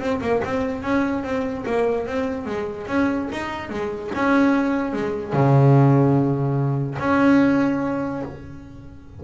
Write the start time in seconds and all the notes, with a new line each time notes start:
0.00 C4
0.21 A#3
0.44 C4
0.83 C#4
1.24 C4
1.66 A#3
2.07 C4
2.46 G#3
2.87 C#4
3.33 D#4
3.70 G#3
4.15 C#4
4.94 G#3
5.33 C#3
7.00 C#4